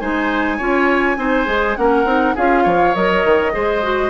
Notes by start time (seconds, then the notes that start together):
0.00 G#3 D#4 C5 G#5
0.58 C#4 F4 C#5
1.17 C4 D#4 C5
1.46 G#3 G#4
1.77 A#3 C#4 A#4 F#5
2.05 C4 D#4
2.35 C#4 F4 G#4 F5
2.64 F3 C#5
2.94 F#3 A#4 D#5
3.25 D#3
3.52 G#3 G#4 C5
3.83 F#4